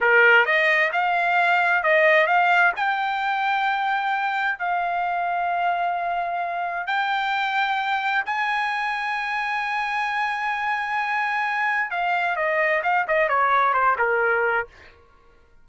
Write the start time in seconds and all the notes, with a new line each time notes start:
0.01 A#4
0.45 D#5
0.92 F5
1.83 D#5
2.26 F5
2.76 G5
4.58 F5
6.87 G5
8.25 G#5
11.90 F5
12.36 D#5
12.83 F5
13.07 D#5
13.28 C#5
13.73 C5
13.98 A#4